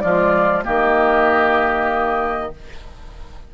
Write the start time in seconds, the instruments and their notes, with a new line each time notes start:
0.00 bassoon F3, clarinet G#3, oboe F4, flute D5
0.64 bassoon D#3, clarinet A#3, oboe G4, flute D#5